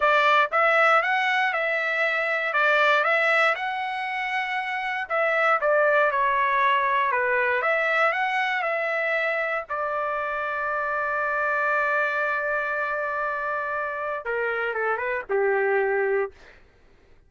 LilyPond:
\new Staff \with { instrumentName = "trumpet" } { \time 4/4 \tempo 4 = 118 d''4 e''4 fis''4 e''4~ | e''4 d''4 e''4 fis''4~ | fis''2 e''4 d''4 | cis''2 b'4 e''4 |
fis''4 e''2 d''4~ | d''1~ | d''1 | ais'4 a'8 b'8 g'2 | }